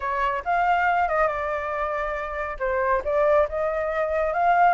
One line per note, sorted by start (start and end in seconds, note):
0.00 0.42 C#5
0.45 1.08 F5
1.08 1.27 D#5
1.27 2.57 D5
2.59 3.02 C5
3.04 3.47 D5
3.48 4.33 D#5
4.33 4.74 F5